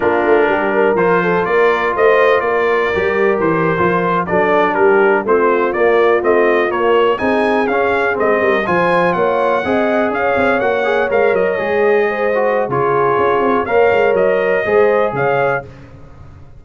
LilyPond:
<<
  \new Staff \with { instrumentName = "trumpet" } { \time 4/4 \tempo 4 = 123 ais'2 c''4 d''4 | dis''4 d''2 c''4~ | c''8. d''4 ais'4 c''4 d''16~ | d''8. dis''4 cis''4 gis''4 f''16~ |
f''8. dis''4 gis''4 fis''4~ fis''16~ | fis''8. f''4 fis''4 f''8 dis''8.~ | dis''2 cis''2 | f''4 dis''2 f''4 | }
  \new Staff \with { instrumentName = "horn" } { \time 4/4 f'4 g'8 ais'4 a'8 ais'4 | c''4 ais'2.~ | ais'8. a'4 g'4 f'4~ f'16~ | f'2~ f'8. gis'4~ gis'16~ |
gis'4~ gis'16 ais'8 c''4 cis''4 dis''16~ | dis''8. cis''2.~ cis''16~ | cis''8. c''4~ c''16 gis'2 | cis''2 c''4 cis''4 | }
  \new Staff \with { instrumentName = "trombone" } { \time 4/4 d'2 f'2~ | f'2 g'4.~ g'16 f'16~ | f'8. d'2 c'4 ais16~ | ais8. c'4 ais4 dis'4 cis'16~ |
cis'8. c'4 f'2 gis'16~ | gis'4.~ gis'16 fis'8 gis'8 ais'4 gis'16~ | gis'4~ gis'16 fis'8. f'2 | ais'2 gis'2 | }
  \new Staff \with { instrumentName = "tuba" } { \time 4/4 ais8 a8 g4 f4 ais4 | a4 ais4 g4 e8. f16~ | f8. fis4 g4 a4 ais16~ | ais8. a4 ais4 c'4 cis'16~ |
cis'8. gis8 g8 f4 ais4 c'16~ | c'8. cis'8 c'8 ais4 gis8 fis8 gis16~ | gis2 cis4 cis'8 c'8 | ais8 gis8 fis4 gis4 cis4 | }
>>